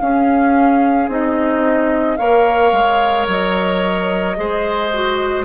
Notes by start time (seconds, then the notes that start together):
0.00 C#4 G#4 F5
1.08 C4 D#4 D#5
2.17 A#3 A#4 C#5 F5
2.72 G#3
3.27 F#3 D#5
4.36 G#3 G#4 C5
4.93 F#4